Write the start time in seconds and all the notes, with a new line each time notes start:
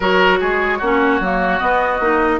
0.00 F#3 F#4 A#4 C#5
0.40 G#3 G#4
0.78 A#3 C#4 F#4
1.20 F#3 A#3
1.59 B3 D#5
1.99 A#3 D#4